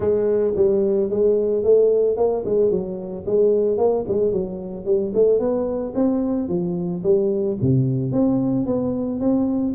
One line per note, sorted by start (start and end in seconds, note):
0.00 0.54 G#3
0.56 1.10 G3
1.10 1.63 G#3
1.63 2.16 A3
2.16 2.43 A#3
2.45 2.71 G#3
2.71 3.25 F#3
3.26 3.77 G#3
3.77 4.04 A#3
4.08 4.31 G#3
4.31 4.85 F#3
4.85 5.12 G3
5.14 5.39 A3
5.39 5.93 B3
5.95 6.48 C4
6.48 7.02 F3
7.03 7.57 G3
7.61 8.12 C3
8.12 8.66 C4
8.66 9.20 B3
9.20 9.74 C4